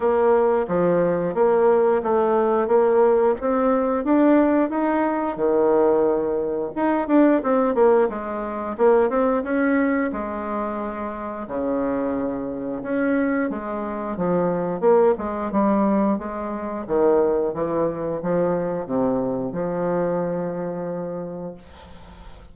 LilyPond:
\new Staff \with { instrumentName = "bassoon" } { \time 4/4 \tempo 4 = 89 ais4 f4 ais4 a4 | ais4 c'4 d'4 dis'4 | dis2 dis'8 d'8 c'8 ais8 | gis4 ais8 c'8 cis'4 gis4~ |
gis4 cis2 cis'4 | gis4 f4 ais8 gis8 g4 | gis4 dis4 e4 f4 | c4 f2. | }